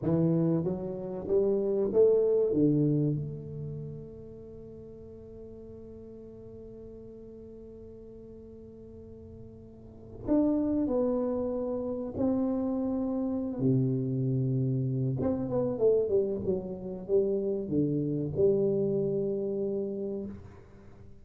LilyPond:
\new Staff \with { instrumentName = "tuba" } { \time 4/4 \tempo 4 = 95 e4 fis4 g4 a4 | d4 a2.~ | a1~ | a1~ |
a16 d'4 b2 c'8.~ | c'4. c2~ c8 | c'8 b8 a8 g8 fis4 g4 | d4 g2. | }